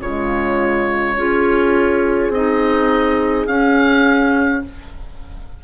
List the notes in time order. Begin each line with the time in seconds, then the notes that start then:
0.00 C#3 G#3 F4 C#5
1.16 C#4 F4 G#4
2.29 C4 D#4 D#5
3.46 C#4 F5